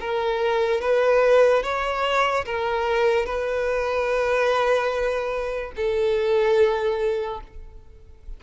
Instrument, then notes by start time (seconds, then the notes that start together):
violin
0.00 A#4
0.81 B4
1.63 C#5
2.45 A#4
3.25 B4
5.76 A4